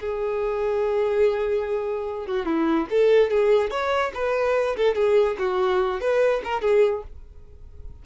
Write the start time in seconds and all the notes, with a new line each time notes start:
0.00 G#4
2.26 F#4
2.45 E4
2.90 A4
3.30 G#4
3.70 C#5
4.14 B4
4.76 A4
4.95 G#4
5.39 F#4
6.00 B4
6.44 A#4
6.61 G#4